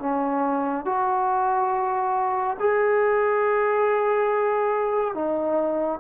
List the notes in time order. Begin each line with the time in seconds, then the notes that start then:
0.00 C#4
0.86 F#4
2.60 G#4
5.15 D#4